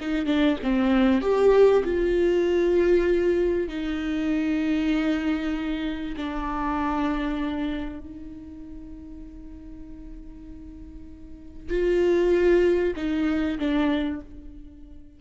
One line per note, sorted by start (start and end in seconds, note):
0.00 0.26 D#4
0.26 0.57 D4
0.62 1.21 C4
1.21 1.83 G4
1.84 3.68 F4
3.68 6.15 D#4
6.16 7.99 D4
7.99 11.69 D#4
11.69 12.93 F4
12.96 13.58 D#4
13.58 14.20 D4